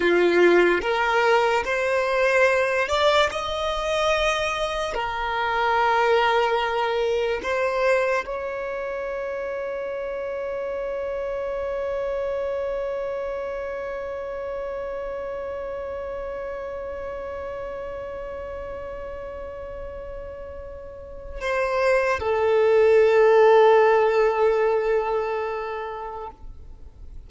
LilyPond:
\new Staff \with { instrumentName = "violin" } { \time 4/4 \tempo 4 = 73 f'4 ais'4 c''4. d''8 | dis''2 ais'2~ | ais'4 c''4 cis''2~ | cis''1~ |
cis''1~ | cis''1~ | cis''2 c''4 a'4~ | a'1 | }